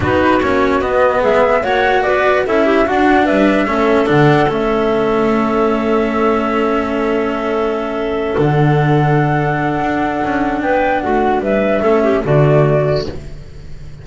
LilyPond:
<<
  \new Staff \with { instrumentName = "flute" } { \time 4/4 \tempo 4 = 147 b'4 cis''4 dis''4 e''4 | fis''4 d''4 e''4 fis''4 | e''2 fis''4 e''4~ | e''1~ |
e''1~ | e''8 fis''2.~ fis''8~ | fis''2 g''4 fis''4 | e''2 d''2 | }
  \new Staff \with { instrumentName = "clarinet" } { \time 4/4 fis'2. gis'4 | cis''4 b'4 a'8 g'8 fis'4 | b'4 a'2.~ | a'1~ |
a'1~ | a'1~ | a'2 b'4 fis'4 | b'4 a'8 g'8 fis'2 | }
  \new Staff \with { instrumentName = "cello" } { \time 4/4 dis'4 cis'4 b2 | fis'2 e'4 d'4~ | d'4 cis'4 d'4 cis'4~ | cis'1~ |
cis'1~ | cis'8 d'2.~ d'8~ | d'1~ | d'4 cis'4 a2 | }
  \new Staff \with { instrumentName = "double bass" } { \time 4/4 b4 ais4 b4 gis4 | ais4 b4 cis'4 d'4 | g4 a4 d4 a4~ | a1~ |
a1~ | a8 d2.~ d8 | d'4 cis'4 b4 a4 | g4 a4 d2 | }
>>